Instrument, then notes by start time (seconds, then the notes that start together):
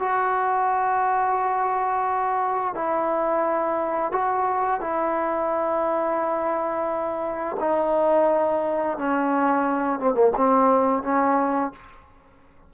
trombone
0.00 F#4
2.75 E4
4.12 F#4
4.81 E4
7.61 D#4
8.98 C#4
10.00 C4
10.15 A#3
10.37 C4
11.04 C#4